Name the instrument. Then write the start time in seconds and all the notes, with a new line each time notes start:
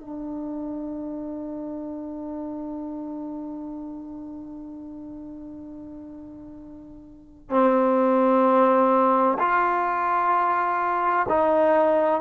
trombone
0.00 D4
7.50 C4
9.38 F4
11.28 D#4